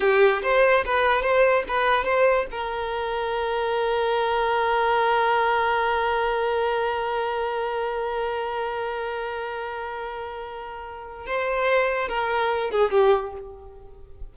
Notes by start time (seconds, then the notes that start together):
0.00 G4
0.42 C5
0.85 B4
1.22 C5
1.68 B4
2.04 C5
2.51 A#4
11.26 C5
12.08 A#4
12.70 G#4
12.91 G4